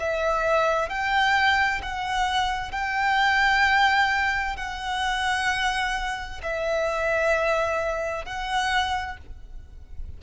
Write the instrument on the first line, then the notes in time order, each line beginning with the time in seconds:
violin
0.00 E5
0.89 G5
1.83 F#5
2.72 G5
4.57 F#5
6.43 E5
8.25 F#5